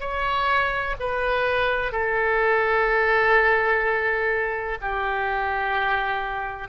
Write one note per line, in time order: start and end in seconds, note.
0.00 0.95 C#5
1.00 1.92 B4
1.92 4.78 A4
4.81 6.69 G4